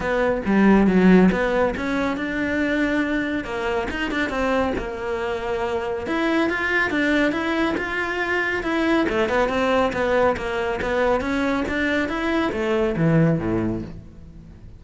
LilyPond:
\new Staff \with { instrumentName = "cello" } { \time 4/4 \tempo 4 = 139 b4 g4 fis4 b4 | cis'4 d'2. | ais4 dis'8 d'8 c'4 ais4~ | ais2 e'4 f'4 |
d'4 e'4 f'2 | e'4 a8 b8 c'4 b4 | ais4 b4 cis'4 d'4 | e'4 a4 e4 a,4 | }